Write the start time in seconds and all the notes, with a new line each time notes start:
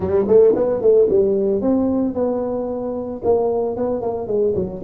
0.00 G3
0.27 A3
0.55 B3
0.81 A3
1.09 G3
1.61 C4
2.14 B3
3.24 A#3
3.76 B3
4.01 A#3
4.27 G#3
4.55 F#3